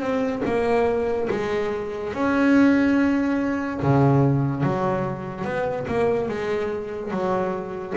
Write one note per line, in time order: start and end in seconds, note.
0.00 0.42 C4
0.45 1.28 A#3
1.30 2.14 G#3
2.14 3.80 C#4
3.83 4.63 C#3
4.63 5.45 F#3
5.45 5.86 B3
5.88 6.29 A#3
6.29 7.11 G#3
7.11 7.94 F#3